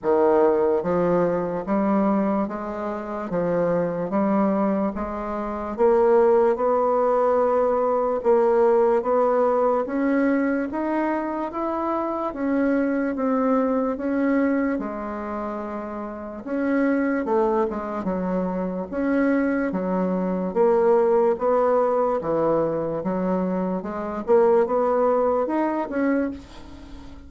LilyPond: \new Staff \with { instrumentName = "bassoon" } { \time 4/4 \tempo 4 = 73 dis4 f4 g4 gis4 | f4 g4 gis4 ais4 | b2 ais4 b4 | cis'4 dis'4 e'4 cis'4 |
c'4 cis'4 gis2 | cis'4 a8 gis8 fis4 cis'4 | fis4 ais4 b4 e4 | fis4 gis8 ais8 b4 dis'8 cis'8 | }